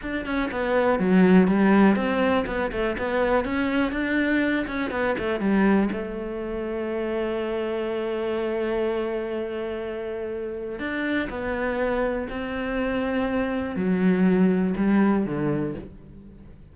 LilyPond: \new Staff \with { instrumentName = "cello" } { \time 4/4 \tempo 4 = 122 d'8 cis'8 b4 fis4 g4 | c'4 b8 a8 b4 cis'4 | d'4. cis'8 b8 a8 g4 | a1~ |
a1~ | a2 d'4 b4~ | b4 c'2. | fis2 g4 d4 | }